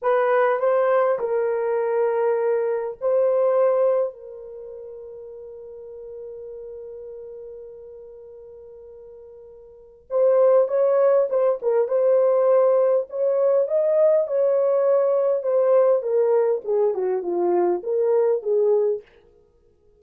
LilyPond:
\new Staff \with { instrumentName = "horn" } { \time 4/4 \tempo 4 = 101 b'4 c''4 ais'2~ | ais'4 c''2 ais'4~ | ais'1~ | ais'1~ |
ais'4 c''4 cis''4 c''8 ais'8 | c''2 cis''4 dis''4 | cis''2 c''4 ais'4 | gis'8 fis'8 f'4 ais'4 gis'4 | }